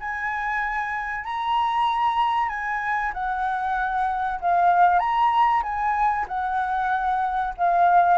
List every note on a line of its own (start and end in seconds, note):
0.00 1.24 G#5
1.24 2.49 A#5
2.49 3.12 G#5
3.13 4.40 F#5
4.41 4.99 F5
4.99 5.62 A#5
5.63 6.26 G#5
6.28 7.54 F#5
7.57 8.18 F5